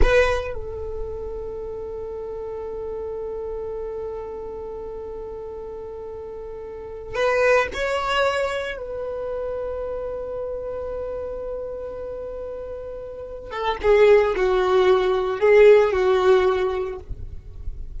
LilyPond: \new Staff \with { instrumentName = "violin" } { \time 4/4 \tempo 4 = 113 b'4 a'2.~ | a'1~ | a'1~ | a'4. b'4 cis''4.~ |
cis''8 b'2.~ b'8~ | b'1~ | b'4. a'8 gis'4 fis'4~ | fis'4 gis'4 fis'2 | }